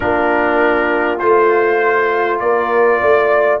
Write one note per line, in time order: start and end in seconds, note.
0.00 1.21 A#3
0.00 1.18 D4
0.00 2.39 F4
0.00 1.18 A#4
1.19 2.40 A3
1.19 3.60 F4
1.19 2.39 C5
2.39 3.00 A#3
2.39 3.00 A#4
2.39 3.59 D5
3.00 3.60 A3
3.00 3.60 D5